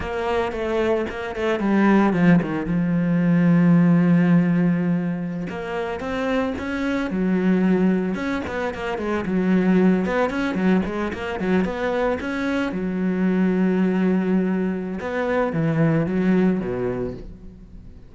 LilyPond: \new Staff \with { instrumentName = "cello" } { \time 4/4 \tempo 4 = 112 ais4 a4 ais8 a8 g4 | f8 dis8 f2.~ | f2~ f16 ais4 c'8.~ | c'16 cis'4 fis2 cis'8 b16~ |
b16 ais8 gis8 fis4. b8 cis'8 fis16~ | fis16 gis8 ais8 fis8 b4 cis'4 fis16~ | fis1 | b4 e4 fis4 b,4 | }